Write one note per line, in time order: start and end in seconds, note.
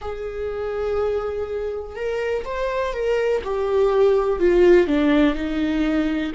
0.01 1.95 G#4
1.95 2.44 A#4
2.44 2.93 C5
2.93 3.41 A#4
3.44 4.39 G4
4.39 4.87 F4
4.87 5.34 D4
5.34 6.32 D#4